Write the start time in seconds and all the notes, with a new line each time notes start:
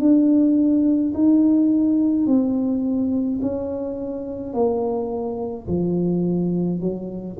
0.00 D4
1.15 D#4
2.27 C4
3.42 C#4
4.54 A#3
5.68 F3
6.81 F#3